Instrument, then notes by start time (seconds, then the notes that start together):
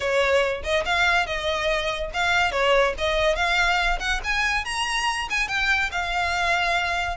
violin
0.00 C#5
0.63 D#5
0.85 F5
1.26 D#5
2.13 F5
2.51 C#5
2.98 D#5
3.35 F5
3.99 F#5
4.24 G#5
4.65 A#5
5.30 G#5
5.48 G5
5.91 F5